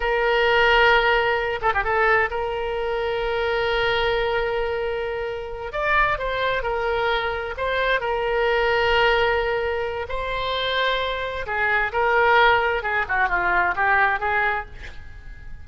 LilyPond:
\new Staff \with { instrumentName = "oboe" } { \time 4/4 \tempo 4 = 131 ais'2.~ ais'8 a'16 g'16 | a'4 ais'2.~ | ais'1~ | ais'8 d''4 c''4 ais'4.~ |
ais'8 c''4 ais'2~ ais'8~ | ais'2 c''2~ | c''4 gis'4 ais'2 | gis'8 fis'8 f'4 g'4 gis'4 | }